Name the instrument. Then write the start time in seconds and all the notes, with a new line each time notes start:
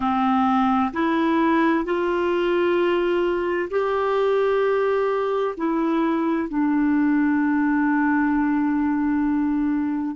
clarinet
0.00 C4
0.93 E4
1.84 F4
3.70 G4
5.57 E4
6.49 D4